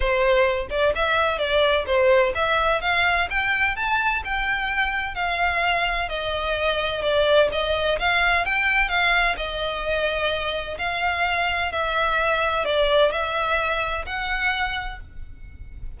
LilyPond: \new Staff \with { instrumentName = "violin" } { \time 4/4 \tempo 4 = 128 c''4. d''8 e''4 d''4 | c''4 e''4 f''4 g''4 | a''4 g''2 f''4~ | f''4 dis''2 d''4 |
dis''4 f''4 g''4 f''4 | dis''2. f''4~ | f''4 e''2 d''4 | e''2 fis''2 | }